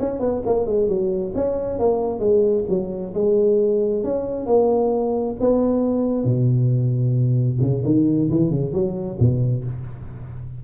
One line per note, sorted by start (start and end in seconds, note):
0.00 0.20 C#4
0.20 0.42 B3
0.46 0.67 A#3
0.67 0.89 G#3
0.89 1.34 F#3
1.35 1.79 C#4
1.79 2.20 A#3
2.20 2.64 G#3
2.69 3.14 F#3
3.14 4.04 G#3
4.04 4.46 C#4
4.46 5.36 A#3
5.40 6.25 B3
6.25 7.59 B2
7.61 7.83 C#3
7.85 8.30 D#3
8.31 8.51 E3
8.51 8.73 C#3
8.73 9.18 F#3
9.20 9.65 B2